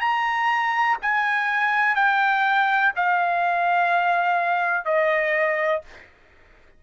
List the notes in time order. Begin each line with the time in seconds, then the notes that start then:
0.00 A#5
1.02 G#5
1.95 G5
2.96 F5
4.85 D#5